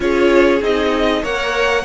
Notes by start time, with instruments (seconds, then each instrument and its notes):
0.00 cello C#4, viola F4, violin G#4 C#5
0.61 cello C4, viola D#4, violin D#5
1.22 cello A#3, viola A#4, violin C#5 F#5